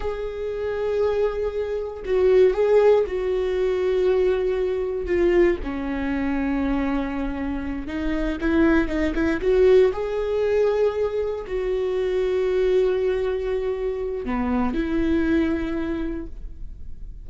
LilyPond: \new Staff \with { instrumentName = "viola" } { \time 4/4 \tempo 4 = 118 gis'1 | fis'4 gis'4 fis'2~ | fis'2 f'4 cis'4~ | cis'2.~ cis'8 dis'8~ |
dis'8 e'4 dis'8 e'8 fis'4 gis'8~ | gis'2~ gis'8 fis'4.~ | fis'1 | b4 e'2. | }